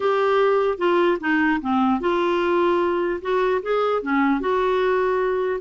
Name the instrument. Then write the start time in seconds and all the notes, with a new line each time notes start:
clarinet
0.00 G4
0.78 F4
1.20 D#4
1.61 C4
2.00 F4
3.21 F#4
3.62 G#4
4.02 C#4
4.40 F#4